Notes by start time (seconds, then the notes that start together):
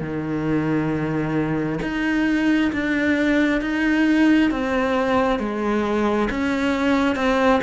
0.00 D#3
1.82 D#4
2.72 D4
3.61 D#4
4.51 C4
5.39 G#3
6.30 C#4
7.16 C4